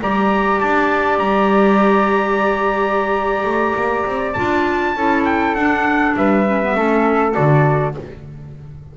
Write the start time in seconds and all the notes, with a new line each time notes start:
0.00 G3 G4 D5 A#5
0.60 D4 A5
1.18 G3 A#5
3.44 A3
3.75 A#3
4.05 C4
4.33 D4 F4 A5
4.96 C#4 E4 A4
5.25 G5
5.55 D4 F#5
6.16 G3 B4 E5
6.46 C#4
6.62 B3
6.75 A3 C#4 A4
7.32 D3 F#4 D5